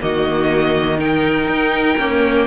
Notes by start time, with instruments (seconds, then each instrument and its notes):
0.00 cello D#3, viola A#3, violin F#4 D#5
0.98 viola D#4, violin A#4 G5
1.47 cello D#4
1.98 viola A#3, cello C#4